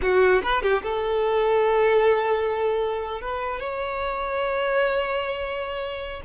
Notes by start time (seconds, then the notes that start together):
0.01 F#4
0.42 B4
0.62 G4
0.82 A4
3.21 B4
3.59 C#5